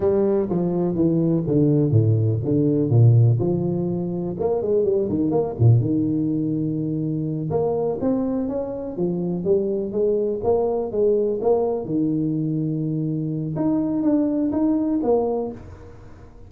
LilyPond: \new Staff \with { instrumentName = "tuba" } { \time 4/4 \tempo 4 = 124 g4 f4 e4 d4 | a,4 d4 ais,4 f4~ | f4 ais8 gis8 g8 dis8 ais8 ais,8 | dis2.~ dis8 ais8~ |
ais8 c'4 cis'4 f4 g8~ | g8 gis4 ais4 gis4 ais8~ | ais8 dis2.~ dis8 | dis'4 d'4 dis'4 ais4 | }